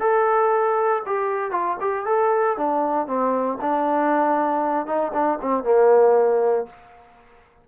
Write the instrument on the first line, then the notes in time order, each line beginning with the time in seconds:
trombone
0.00 A4
1.06 G4
1.51 F4
1.80 G4
2.06 A4
2.57 D4
3.07 C4
3.61 D4
4.86 D#4
5.13 D4
5.41 C4
5.64 A#3